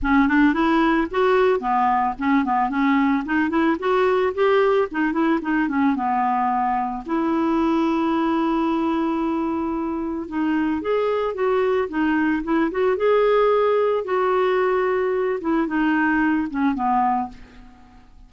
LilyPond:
\new Staff \with { instrumentName = "clarinet" } { \time 4/4 \tempo 4 = 111 cis'8 d'8 e'4 fis'4 b4 | cis'8 b8 cis'4 dis'8 e'8 fis'4 | g'4 dis'8 e'8 dis'8 cis'8 b4~ | b4 e'2.~ |
e'2. dis'4 | gis'4 fis'4 dis'4 e'8 fis'8 | gis'2 fis'2~ | fis'8 e'8 dis'4. cis'8 b4 | }